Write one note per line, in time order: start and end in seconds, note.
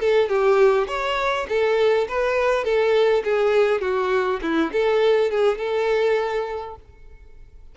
0.00 0.29 A4
0.29 0.87 G4
0.88 1.47 C#5
1.49 2.08 A4
2.08 2.64 B4
2.64 3.23 A4
3.24 3.81 G#4
3.81 4.40 F#4
4.42 4.71 E4
4.72 5.31 A4
5.31 5.58 G#4
5.58 6.75 A4